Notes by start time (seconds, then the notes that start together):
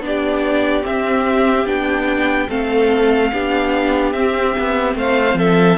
0.00 B3 D4 D5
0.07 G4
0.83 C4 E5
1.66 B3 D4 G5
2.49 A3 C4 A4 F5
3.33 B3 D4 G4
4.13 C4 E5
4.60 B3
4.96 A3 C5 F5
5.35 F3 A4 E5